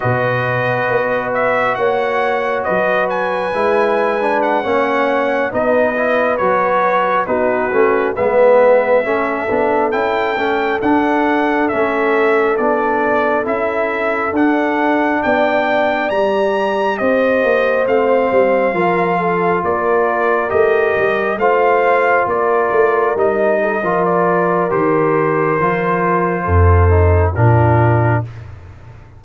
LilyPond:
<<
  \new Staff \with { instrumentName = "trumpet" } { \time 4/4 \tempo 4 = 68 dis''4. e''8 fis''4 dis''8 gis''8~ | gis''4 fis''4~ fis''16 dis''4 cis''8.~ | cis''16 b'4 e''2 g''8.~ | g''16 fis''4 e''4 d''4 e''8.~ |
e''16 fis''4 g''4 ais''4 dis''8.~ | dis''16 f''2 d''4 dis''8.~ | dis''16 f''4 d''4 dis''4 d''8. | c''2. ais'4 | }
  \new Staff \with { instrumentName = "horn" } { \time 4/4 b'2 cis''4 b'4~ | b'4~ b'16 cis''4 b'4.~ b'16~ | b'16 fis'4 b'4 a'4.~ a'16~ | a'1~ |
a'4~ a'16 d''2 c''8.~ | c''4~ c''16 ais'8 a'8 ais'4.~ ais'16~ | ais'16 c''4 ais'4. a'16 ais'4~ | ais'2 a'4 f'4 | }
  \new Staff \with { instrumentName = "trombone" } { \time 4/4 fis'1 | e'8. d'8 cis'4 dis'8 e'8 fis'8.~ | fis'16 dis'8 cis'8 b4 cis'8 d'8 e'8 cis'16~ | cis'16 d'4 cis'4 d'4 e'8.~ |
e'16 d'2 g'4.~ g'16~ | g'16 c'4 f'2 g'8.~ | g'16 f'2 dis'8. f'4 | g'4 f'4. dis'8 d'4 | }
  \new Staff \with { instrumentName = "tuba" } { \time 4/4 b,4 b4 ais4 fis4 | gis4~ gis16 ais4 b4 fis8.~ | fis16 b8 a8 gis4 a8 b8 cis'8 a16~ | a16 d'4 a4 b4 cis'8.~ |
cis'16 d'4 b4 g4 c'8 ais16~ | ais16 a8 g8 f4 ais4 a8 g16~ | g16 a4 ais8 a8 g8. f4 | dis4 f4 f,4 ais,4 | }
>>